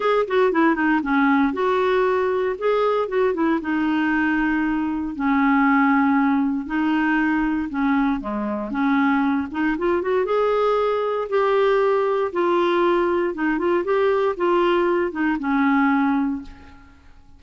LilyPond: \new Staff \with { instrumentName = "clarinet" } { \time 4/4 \tempo 4 = 117 gis'8 fis'8 e'8 dis'8 cis'4 fis'4~ | fis'4 gis'4 fis'8 e'8 dis'4~ | dis'2 cis'2~ | cis'4 dis'2 cis'4 |
gis4 cis'4. dis'8 f'8 fis'8 | gis'2 g'2 | f'2 dis'8 f'8 g'4 | f'4. dis'8 cis'2 | }